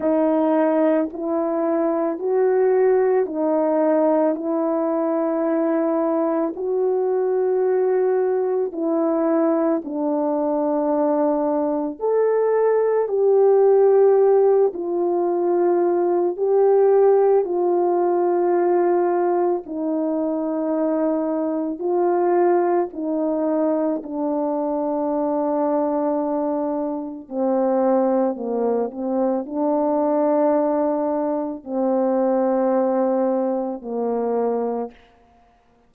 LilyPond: \new Staff \with { instrumentName = "horn" } { \time 4/4 \tempo 4 = 55 dis'4 e'4 fis'4 dis'4 | e'2 fis'2 | e'4 d'2 a'4 | g'4. f'4. g'4 |
f'2 dis'2 | f'4 dis'4 d'2~ | d'4 c'4 ais8 c'8 d'4~ | d'4 c'2 ais4 | }